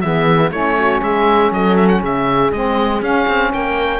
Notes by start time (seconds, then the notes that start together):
0.00 E3 B3 G#4 E5
0.51 A3 C#4 E4 C#5
0.79 F#4
1.02 G#3 G#4 E5
1.51 F#3 A4 D#5
1.76 E5
1.88 F#5
2.00 C#3 G#4 E5
2.52 G#3 C4 D#5
3.01 C#4 F5
3.27 C4
3.53 A#3 A#4 G5